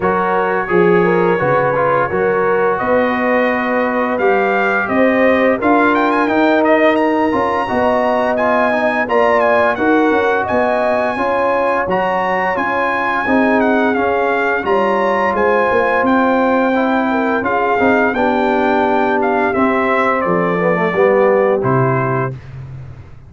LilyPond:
<<
  \new Staff \with { instrumentName = "trumpet" } { \time 4/4 \tempo 4 = 86 cis''1 | dis''2 f''4 dis''4 | f''8 g''16 gis''16 g''8 dis''8 ais''2 | gis''4 ais''8 gis''8 fis''4 gis''4~ |
gis''4 ais''4 gis''4. fis''8 | f''4 ais''4 gis''4 g''4~ | g''4 f''4 g''4. f''8 | e''4 d''2 c''4 | }
  \new Staff \with { instrumentName = "horn" } { \time 4/4 ais'4 gis'8 ais'8 b'4 ais'4 | b'2. c''4 | ais'2. dis''4~ | dis''4 d''4 ais'4 dis''4 |
cis''2. gis'4~ | gis'4 cis''4 c''2~ | c''8 ais'8 gis'4 g'2~ | g'4 a'4 g'2 | }
  \new Staff \with { instrumentName = "trombone" } { \time 4/4 fis'4 gis'4 fis'8 f'8 fis'4~ | fis'2 g'2 | f'4 dis'4. f'8 fis'4 | f'8 dis'8 f'4 fis'2 |
f'4 fis'4 f'4 dis'4 | cis'4 f'2. | e'4 f'8 dis'8 d'2 | c'4. b16 a16 b4 e'4 | }
  \new Staff \with { instrumentName = "tuba" } { \time 4/4 fis4 f4 cis4 fis4 | b2 g4 c'4 | d'4 dis'4. cis'8 b4~ | b4 ais4 dis'8 cis'8 b4 |
cis'4 fis4 cis'4 c'4 | cis'4 g4 gis8 ais8 c'4~ | c'4 cis'8 c'8 b2 | c'4 f4 g4 c4 | }
>>